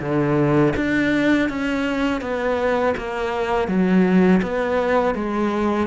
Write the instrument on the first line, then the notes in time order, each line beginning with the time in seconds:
cello
0.00 D3
0.76 D4
1.49 C#4
2.21 B3
2.97 A#3
3.68 F#3
4.42 B3
5.15 G#3